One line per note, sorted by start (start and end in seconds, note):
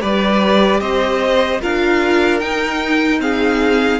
0.00 0.80 G3
0.00 1.60 G4
0.00 0.81 B4
0.00 0.80 D5
0.80 1.60 C4
0.80 1.61 C5
0.80 1.60 D#5
1.60 2.42 D4
1.60 2.40 F4
1.60 3.21 A#4
1.60 2.39 F5
2.39 3.20 D#4
2.39 3.99 D#4
2.39 3.19 G5
3.20 3.99 C4
3.20 3.99 G#4
3.20 3.99 F5